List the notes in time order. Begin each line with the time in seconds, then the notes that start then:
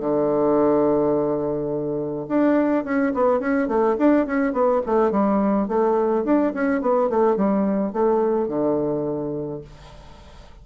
0.00 D3
2.28 D4
2.85 C#4
3.14 B3
3.40 C#4
3.68 A3
3.99 D4
4.27 C#4
4.53 B3
4.86 A3
5.11 G3
5.68 A3
6.25 D4
6.54 C#4
6.81 B3
7.10 A3
7.36 G3
7.93 A3
8.48 D3